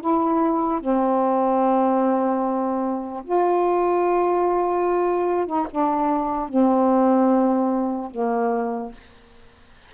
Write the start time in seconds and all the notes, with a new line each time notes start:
0.00 E4
0.80 C4
3.24 F4
5.46 D#4
5.70 D4
6.48 C4
8.10 A#3